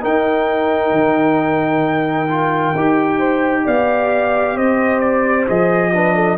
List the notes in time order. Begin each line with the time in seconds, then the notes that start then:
0.00 D#4 A#4 G5
0.91 D#3
2.29 F4
2.75 D#4 G4
3.18 C5
3.65 B3 D5 F5
4.55 C4 C5 D#5
5.00 D5
5.48 F3 G#4 D#5
5.94 D4 B4
6.15 A4